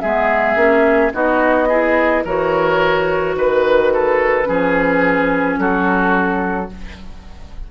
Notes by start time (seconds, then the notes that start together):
0.00 G#3 B3 G#4 E5
0.55 A#3 C#4
1.12 B3 D#4 F#4 D#5
1.68 E4 G#4
2.24 E3 F#4 A#4 C#5
3.35 D#3 B4
3.93 A4
4.44 F3 C#4 G#4
5.58 F#3 F#4 A4